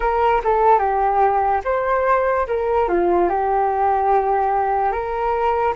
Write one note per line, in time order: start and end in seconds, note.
0.00 0.41 A#4
0.44 0.78 A4
0.78 1.61 G4
1.64 2.46 C5
2.47 2.88 A#4
2.88 3.29 F4
3.29 4.91 G4
4.91 5.73 A#4